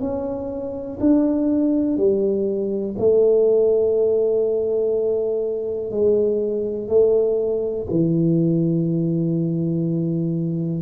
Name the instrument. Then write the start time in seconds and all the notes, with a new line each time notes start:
tuba
0.00 C#4
1.00 D4
1.97 G3
2.98 A3
5.91 G#3
6.88 A3
7.90 E3